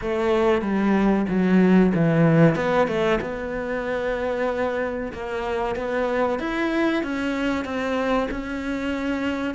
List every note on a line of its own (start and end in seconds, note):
0.01 0.61 A3
0.61 1.25 G3
1.29 1.92 F#3
1.94 2.55 E3
2.55 2.87 B3
2.87 3.19 A3
3.21 5.12 B3
5.12 5.75 A#3
5.75 6.39 B3
6.39 7.03 E4
7.03 7.65 C#4
7.65 8.28 C4
8.31 9.54 C#4